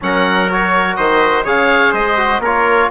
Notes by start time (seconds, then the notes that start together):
0.01 F#3 C#4 A#4 F#5
0.49 F#4 C#5
0.95 D#3 C5 D#5
1.43 C#3 G#4 C#5 F5
1.92 G#3 C5 D#5
2.17 F#4
2.39 A#3 A#4 C#5
2.45 F4